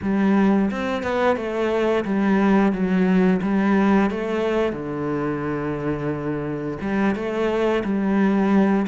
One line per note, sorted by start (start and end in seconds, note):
0.02 0.70 G3
0.70 1.03 C4
1.03 1.36 B3
1.36 2.04 A3
2.04 2.72 G3
2.72 3.40 F#3
3.42 4.10 G3
4.10 4.73 A3
4.73 6.77 D3
6.81 7.15 G3
7.15 7.83 A3
7.84 8.86 G3